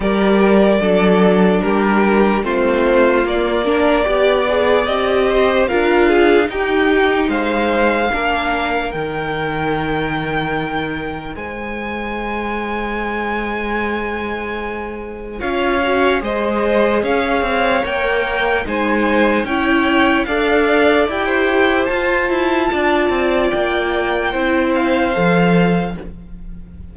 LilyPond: <<
  \new Staff \with { instrumentName = "violin" } { \time 4/4 \tempo 4 = 74 d''2 ais'4 c''4 | d''2 dis''4 f''4 | g''4 f''2 g''4~ | g''2 gis''2~ |
gis''2. f''4 | dis''4 f''4 g''4 gis''4 | g''4 f''4 g''4 a''4~ | a''4 g''4. f''4. | }
  \new Staff \with { instrumentName = "violin" } { \time 4/4 ais'4 a'4 g'4 f'4~ | f'8 ais'8 d''4. c''8 ais'8 gis'8 | g'4 c''4 ais'2~ | ais'2 c''2~ |
c''2. cis''4 | c''4 cis''2 c''4 | cis''4 d''4~ d''16 c''4.~ c''16 | d''2 c''2 | }
  \new Staff \with { instrumentName = "viola" } { \time 4/4 g'4 d'2 c'4 | ais8 d'8 g'8 gis'8 g'4 f'4 | dis'2 d'4 dis'4~ | dis'1~ |
dis'2. f'8 fis'8 | gis'2 ais'4 dis'4 | e'4 a'4 g'4 f'4~ | f'2 e'4 a'4 | }
  \new Staff \with { instrumentName = "cello" } { \time 4/4 g4 fis4 g4 a4 | ais4 b4 c'4 d'4 | dis'4 gis4 ais4 dis4~ | dis2 gis2~ |
gis2. cis'4 | gis4 cis'8 c'8 ais4 gis4 | cis'4 d'4 e'4 f'8 e'8 | d'8 c'8 ais4 c'4 f4 | }
>>